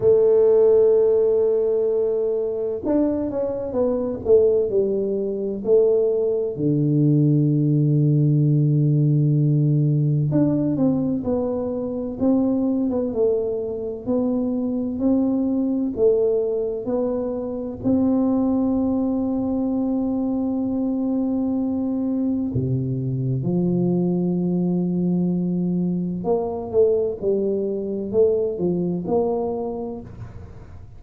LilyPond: \new Staff \with { instrumentName = "tuba" } { \time 4/4 \tempo 4 = 64 a2. d'8 cis'8 | b8 a8 g4 a4 d4~ | d2. d'8 c'8 | b4 c'8. b16 a4 b4 |
c'4 a4 b4 c'4~ | c'1 | c4 f2. | ais8 a8 g4 a8 f8 ais4 | }